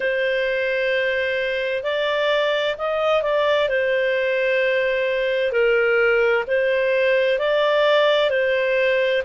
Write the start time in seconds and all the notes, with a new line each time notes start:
0.00 C5
1.83 D5
2.77 D#5
3.22 D5
3.68 C5
5.51 A#4
6.47 C5
7.38 D5
8.30 C5